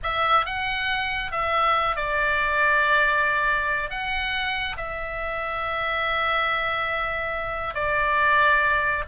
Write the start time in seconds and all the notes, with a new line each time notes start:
0.03 E5
0.45 F#5
1.31 E5
1.95 D5
3.90 F#5
4.76 E5
7.74 D5